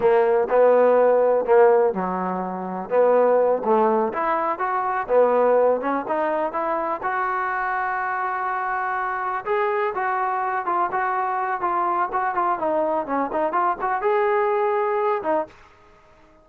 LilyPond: \new Staff \with { instrumentName = "trombone" } { \time 4/4 \tempo 4 = 124 ais4 b2 ais4 | fis2 b4. a8~ | a8 e'4 fis'4 b4. | cis'8 dis'4 e'4 fis'4.~ |
fis'2.~ fis'8 gis'8~ | gis'8 fis'4. f'8 fis'4. | f'4 fis'8 f'8 dis'4 cis'8 dis'8 | f'8 fis'8 gis'2~ gis'8 dis'8 | }